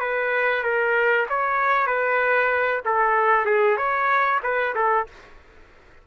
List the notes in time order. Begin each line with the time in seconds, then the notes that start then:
0.00 B4
0.63 A#4
1.29 C#5
1.86 B4
2.85 A4
3.45 G#4
3.77 C#5
4.43 B4
4.75 A4